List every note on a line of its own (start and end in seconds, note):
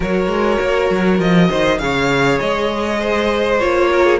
0.00 0.27 F#3
0.00 1.79 F#4
0.00 1.49 A#4
0.00 1.20 C#5
0.27 0.57 G#3
0.61 0.90 A#3
0.90 1.19 F#3
1.19 1.49 F3
1.19 1.78 D#5
1.49 1.79 D#3
1.49 1.79 C5
1.78 2.39 C#3
1.78 3.59 G#4
1.78 2.99 C#5
1.78 2.38 F5
2.39 3.61 G#3
2.39 3.59 D#5
2.99 3.89 C5
3.59 4.19 A#3
3.59 4.19 F4
3.59 4.19 C#5
3.91 4.04 A#4
4.04 4.19 G#4